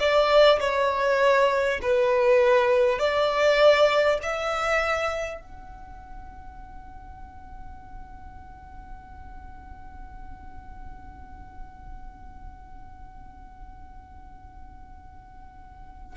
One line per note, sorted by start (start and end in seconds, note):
0.00 0.60 D5
0.60 1.80 C#5
1.82 2.99 B4
2.99 4.19 D5
4.23 5.41 E5
5.41 16.17 F#5